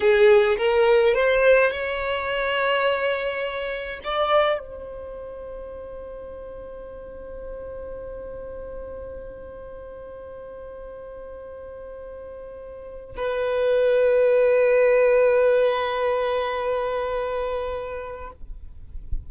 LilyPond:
\new Staff \with { instrumentName = "violin" } { \time 4/4 \tempo 4 = 105 gis'4 ais'4 c''4 cis''4~ | cis''2. d''4 | c''1~ | c''1~ |
c''1~ | c''2. b'4~ | b'1~ | b'1 | }